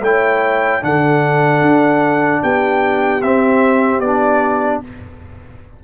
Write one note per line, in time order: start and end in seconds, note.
0.00 0.80 A3
0.00 0.81 E4
0.00 0.82 C#5
0.00 0.83 G5
0.81 1.61 D3
0.81 3.21 D4
0.81 2.42 A4
0.81 2.43 F#5
1.61 2.41 D4
2.42 3.23 B3
2.42 4.82 G4
2.42 3.22 G5
3.22 3.99 C4
3.22 4.03 C4
3.22 4.00 E5
3.99 4.79 B3
3.99 4.83 D4
3.99 4.80 D5